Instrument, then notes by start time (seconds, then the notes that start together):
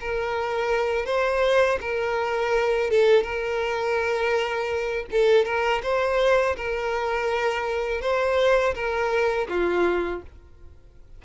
violin
0.00 A#4
1.05 C5
1.81 A#4
2.90 A4
3.23 A#4
5.11 A4
5.45 A#4
5.83 C5
6.56 A#4
8.01 C5
8.74 A#4
9.49 F4